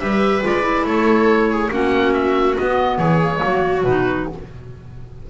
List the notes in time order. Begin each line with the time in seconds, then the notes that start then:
0.00 G3 G4 B4 E5
0.42 G#3 F4 D5
0.62 E4
0.85 A3 A4 C#5
1.51 G#4
1.71 A#3 C#4 F#4 F#5
2.14 E5
2.57 B3 D#5
2.98 E3 G#4 C#5
3.22 A#3
3.34 G#3 A#3
3.45 F#3 F#4
3.84 B2 D#4 B4